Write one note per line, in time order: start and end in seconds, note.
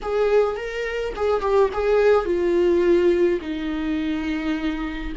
0.02 0.56 G#4
0.56 1.13 A#4
1.16 1.41 G#4
1.41 1.69 G4
1.73 2.25 G#4
2.25 3.39 F4
3.41 5.12 D#4